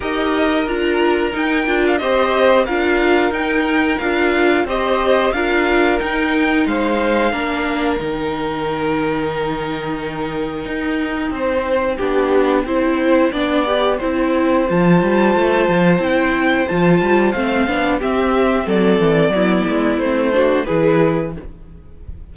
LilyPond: <<
  \new Staff \with { instrumentName = "violin" } { \time 4/4 \tempo 4 = 90 dis''4 ais''4 g''8. f''16 dis''4 | f''4 g''4 f''4 dis''4 | f''4 g''4 f''2 | g''1~ |
g''1~ | g''2 a''2 | g''4 a''4 f''4 e''4 | d''2 c''4 b'4 | }
  \new Staff \with { instrumentName = "violin" } { \time 4/4 ais'2. c''4 | ais'2. c''4 | ais'2 c''4 ais'4~ | ais'1~ |
ais'4 c''4 g'4 c''4 | d''4 c''2.~ | c''2. g'4 | a'4 e'4. fis'8 gis'4 | }
  \new Staff \with { instrumentName = "viola" } { \time 4/4 g'4 f'4 dis'8 f'8 g'4 | f'4 dis'4 f'4 g'4 | f'4 dis'2 d'4 | dis'1~ |
dis'2 d'4 e'4 | d'8 g'8 e'4 f'2 | e'4 f'4 c'8 d'8 c'4~ | c'4 b4 c'8 d'8 e'4 | }
  \new Staff \with { instrumentName = "cello" } { \time 4/4 dis'4 d'4 dis'8 d'8 c'4 | d'4 dis'4 d'4 c'4 | d'4 dis'4 gis4 ais4 | dis1 |
dis'4 c'4 b4 c'4 | b4 c'4 f8 g8 a8 f8 | c'4 f8 g8 a8 b8 c'4 | fis8 e8 fis8 gis8 a4 e4 | }
>>